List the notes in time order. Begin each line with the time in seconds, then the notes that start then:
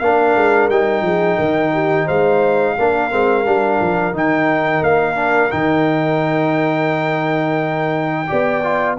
0.00 A#3 D4 A#4 F5
0.36 G#3
0.70 G3 D#4 G5
1.02 F3 G#4
1.38 D#3 A#4
1.74 G4
2.06 G#3 C5 F5
2.78 A#3 D4 A#4
3.11 G#3 C4
3.45 G3 D4
3.81 F3
4.13 D#3 D#4 G5
4.82 A#3 F5
5.16 D4
5.51 D#3 D#4 G5
8.28 B3 G4 D5
8.63 F4